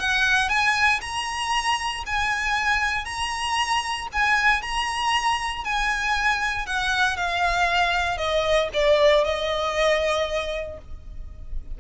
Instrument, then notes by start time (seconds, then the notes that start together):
violin
0.00 F#5
0.49 G#5
1.01 A#5
2.06 G#5
3.05 A#5
4.13 G#5
4.62 A#5
5.64 G#5
6.67 F#5
7.17 F5
8.18 D#5
8.74 D5
9.24 D#5